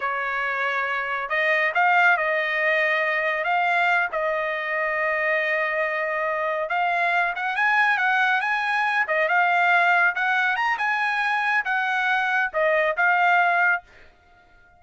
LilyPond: \new Staff \with { instrumentName = "trumpet" } { \time 4/4 \tempo 4 = 139 cis''2. dis''4 | f''4 dis''2. | f''4. dis''2~ dis''8~ | dis''2.~ dis''8 f''8~ |
f''4 fis''8 gis''4 fis''4 gis''8~ | gis''4 dis''8 f''2 fis''8~ | fis''8 ais''8 gis''2 fis''4~ | fis''4 dis''4 f''2 | }